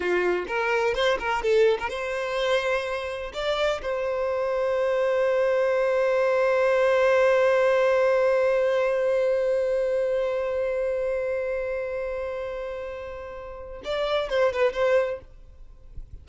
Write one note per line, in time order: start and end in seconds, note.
0.00 0.45 F4
0.47 0.94 A#4
0.94 1.18 C5
1.19 1.42 A#4
1.42 1.78 A4
1.79 1.89 A#4
1.89 3.32 C5
3.33 3.81 D5
3.82 13.82 C5
13.84 14.29 D5
14.29 14.52 C5
14.52 14.73 B4
14.73 15.20 C5